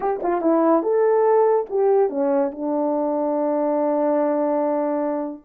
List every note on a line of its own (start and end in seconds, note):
0.00 0.20 G4
0.22 0.41 F4
0.41 0.82 E4
0.82 1.66 A4
1.69 2.09 G4
2.09 2.51 C#4
2.51 5.43 D4